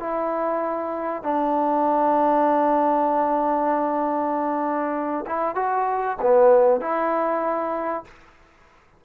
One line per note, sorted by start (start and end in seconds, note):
0.00 1.23 E4
1.23 5.25 D4
5.27 5.56 E4
5.56 6.17 F#4
6.22 6.81 B3
6.81 8.05 E4